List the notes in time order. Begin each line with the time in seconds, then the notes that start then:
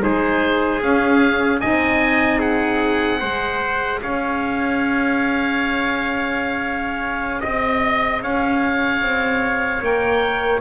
0.00 G#3 D#4 G#4 C5
0.82 C#4 F5
1.60 C4 D#4 D#5 G#5
2.38 G#4 F#5
3.19 G#3 G#4 C5
4.02 C#4 C#5 F5
7.40 C4 D#5
8.22 C#4 C#5 F5
9.01 C4
9.82 A#3 A#4 G5